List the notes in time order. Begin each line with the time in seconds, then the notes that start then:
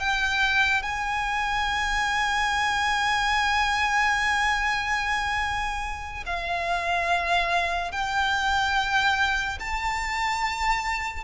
0.00 G5
0.83 G#5
6.27 F5
7.92 G5
9.60 A5